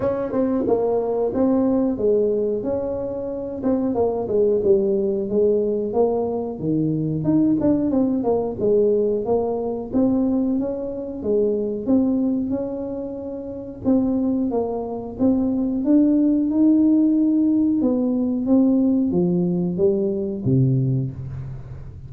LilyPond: \new Staff \with { instrumentName = "tuba" } { \time 4/4 \tempo 4 = 91 cis'8 c'8 ais4 c'4 gis4 | cis'4. c'8 ais8 gis8 g4 | gis4 ais4 dis4 dis'8 d'8 | c'8 ais8 gis4 ais4 c'4 |
cis'4 gis4 c'4 cis'4~ | cis'4 c'4 ais4 c'4 | d'4 dis'2 b4 | c'4 f4 g4 c4 | }